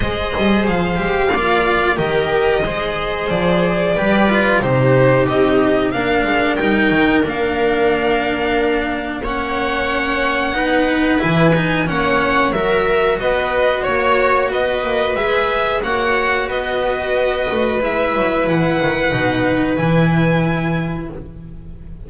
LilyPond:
<<
  \new Staff \with { instrumentName = "violin" } { \time 4/4 \tempo 4 = 91 dis''4 f''2 dis''4~ | dis''4 d''2 c''4 | dis''4 f''4 g''4 f''4~ | f''2 fis''2~ |
fis''4 gis''4 fis''4 e''4 | dis''4 cis''4 dis''4 e''4 | fis''4 dis''2 e''4 | fis''2 gis''2 | }
  \new Staff \with { instrumentName = "viola" } { \time 4/4 c''2 d''4 ais'4 | c''2 b'4 g'4~ | g'4 ais'2.~ | ais'2 cis''2 |
b'2 cis''4 ais'4 | b'4 cis''4 b'2 | cis''4 b'2.~ | b'1 | }
  \new Staff \with { instrumentName = "cello" } { \time 4/4 gis'4. g'8 f'4 g'4 | gis'2 g'8 f'8 dis'4~ | dis'4 d'4 dis'4 d'4~ | d'2 cis'2 |
dis'4 e'8 dis'8 cis'4 fis'4~ | fis'2. gis'4 | fis'2. e'4~ | e'4 dis'4 e'2 | }
  \new Staff \with { instrumentName = "double bass" } { \time 4/4 gis8 g8 f8 gis8 ais4 dis4 | gis4 f4 g4 c4 | c'4 ais8 gis8 g8 dis8 ais4~ | ais1 |
b4 e4 ais4 fis4 | b4 ais4 b8 ais8 gis4 | ais4 b4. a8 gis8 fis8 | e8 dis8 b,4 e2 | }
>>